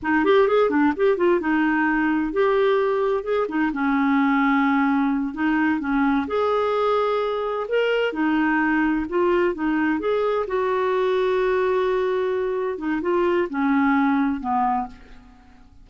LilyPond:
\new Staff \with { instrumentName = "clarinet" } { \time 4/4 \tempo 4 = 129 dis'8 g'8 gis'8 d'8 g'8 f'8 dis'4~ | dis'4 g'2 gis'8 dis'8 | cis'2.~ cis'8 dis'8~ | dis'8 cis'4 gis'2~ gis'8~ |
gis'8 ais'4 dis'2 f'8~ | f'8 dis'4 gis'4 fis'4.~ | fis'2.~ fis'8 dis'8 | f'4 cis'2 b4 | }